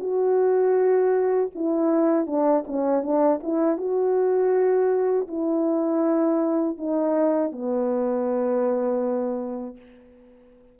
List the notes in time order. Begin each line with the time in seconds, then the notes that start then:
0.00 F#4
1.55 E4
2.27 D4
2.67 C#4
3.03 D4
3.43 E4
3.78 F#4
5.28 E4
6.78 D#4
7.52 B3